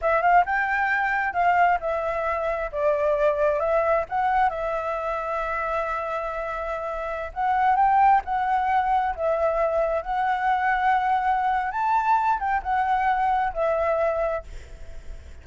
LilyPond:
\new Staff \with { instrumentName = "flute" } { \time 4/4 \tempo 4 = 133 e''8 f''8 g''2 f''4 | e''2 d''2 | e''4 fis''4 e''2~ | e''1~ |
e''16 fis''4 g''4 fis''4.~ fis''16~ | fis''16 e''2 fis''4.~ fis''16~ | fis''2 a''4. g''8 | fis''2 e''2 | }